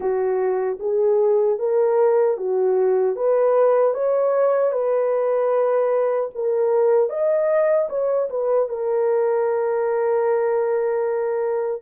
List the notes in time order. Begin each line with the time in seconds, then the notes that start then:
0.00 F#4
0.79 G#4
1.58 A#4
2.37 F#4
3.16 B4
3.94 C#5
4.72 B4
6.34 A#4
7.09 D#5
7.89 C#5
8.29 B4
8.68 A#4